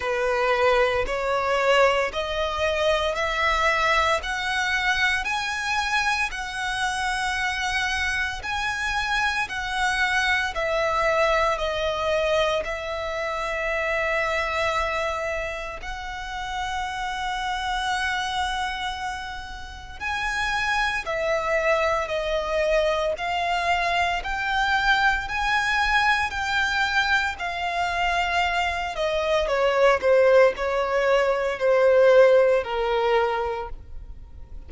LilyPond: \new Staff \with { instrumentName = "violin" } { \time 4/4 \tempo 4 = 57 b'4 cis''4 dis''4 e''4 | fis''4 gis''4 fis''2 | gis''4 fis''4 e''4 dis''4 | e''2. fis''4~ |
fis''2. gis''4 | e''4 dis''4 f''4 g''4 | gis''4 g''4 f''4. dis''8 | cis''8 c''8 cis''4 c''4 ais'4 | }